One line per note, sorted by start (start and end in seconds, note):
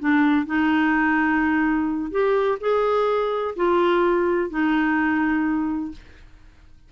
0.00 0.46 D4
0.46 2.11 D#4
2.11 2.59 G4
2.61 3.55 G#4
3.56 4.50 F4
4.50 5.92 D#4